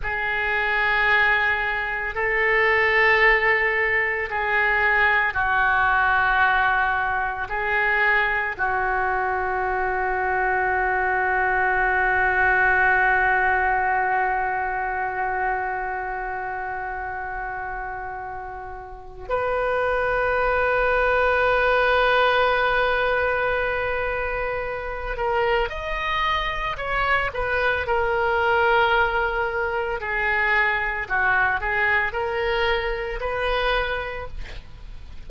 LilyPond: \new Staff \with { instrumentName = "oboe" } { \time 4/4 \tempo 4 = 56 gis'2 a'2 | gis'4 fis'2 gis'4 | fis'1~ | fis'1~ |
fis'2 b'2~ | b'2.~ b'8 ais'8 | dis''4 cis''8 b'8 ais'2 | gis'4 fis'8 gis'8 ais'4 b'4 | }